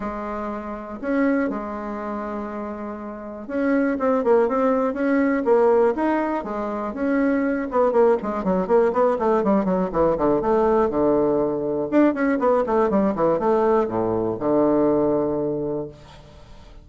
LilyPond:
\new Staff \with { instrumentName = "bassoon" } { \time 4/4 \tempo 4 = 121 gis2 cis'4 gis4~ | gis2. cis'4 | c'8 ais8 c'4 cis'4 ais4 | dis'4 gis4 cis'4. b8 |
ais8 gis8 fis8 ais8 b8 a8 g8 fis8 | e8 d8 a4 d2 | d'8 cis'8 b8 a8 g8 e8 a4 | a,4 d2. | }